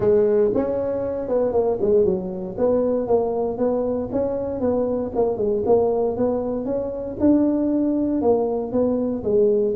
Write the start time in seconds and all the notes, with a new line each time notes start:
0.00 G#3
0.54 C#4
1.28 B3
1.52 A#3
1.81 G#3
2.04 F#3
2.57 B3
3.07 A#3
3.57 B3
4.12 C#4
4.60 B3
5.15 A#3
5.37 G#3
5.65 A#3
6.17 B3
6.65 C#4
7.20 D4
8.21 A#3
8.72 B3
9.23 G#3